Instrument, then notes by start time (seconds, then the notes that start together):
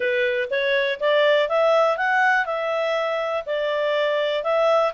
clarinet
0.00 B4
0.50 C#5
1.00 D5
1.48 E5
1.97 F#5
2.45 E5
3.46 D5
4.43 E5